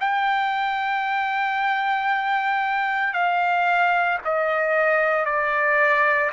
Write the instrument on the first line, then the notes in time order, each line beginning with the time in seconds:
trumpet
0.00 G5
3.13 F5
4.24 D#5
5.25 D5